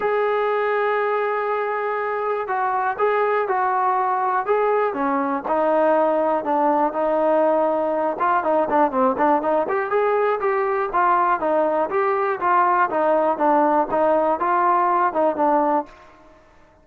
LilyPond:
\new Staff \with { instrumentName = "trombone" } { \time 4/4 \tempo 4 = 121 gis'1~ | gis'4 fis'4 gis'4 fis'4~ | fis'4 gis'4 cis'4 dis'4~ | dis'4 d'4 dis'2~ |
dis'8 f'8 dis'8 d'8 c'8 d'8 dis'8 g'8 | gis'4 g'4 f'4 dis'4 | g'4 f'4 dis'4 d'4 | dis'4 f'4. dis'8 d'4 | }